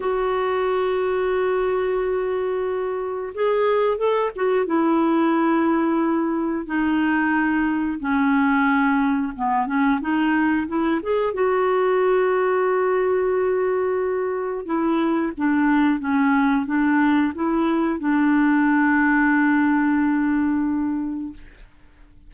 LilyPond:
\new Staff \with { instrumentName = "clarinet" } { \time 4/4 \tempo 4 = 90 fis'1~ | fis'4 gis'4 a'8 fis'8 e'4~ | e'2 dis'2 | cis'2 b8 cis'8 dis'4 |
e'8 gis'8 fis'2.~ | fis'2 e'4 d'4 | cis'4 d'4 e'4 d'4~ | d'1 | }